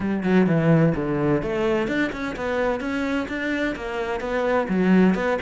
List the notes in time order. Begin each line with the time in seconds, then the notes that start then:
0.00 G3
0.23 F#3
0.46 E3
0.95 D3
1.42 A3
1.87 D4
2.12 C#4
2.36 B3
2.80 C#4
3.28 D4
3.75 A#3
4.20 B3
4.69 F#3
5.14 B3